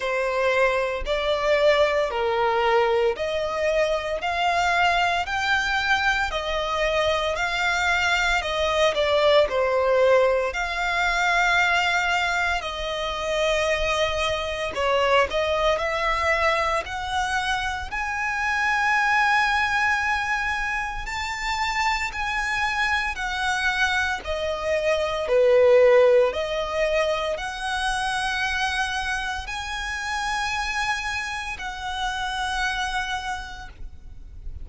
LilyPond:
\new Staff \with { instrumentName = "violin" } { \time 4/4 \tempo 4 = 57 c''4 d''4 ais'4 dis''4 | f''4 g''4 dis''4 f''4 | dis''8 d''8 c''4 f''2 | dis''2 cis''8 dis''8 e''4 |
fis''4 gis''2. | a''4 gis''4 fis''4 dis''4 | b'4 dis''4 fis''2 | gis''2 fis''2 | }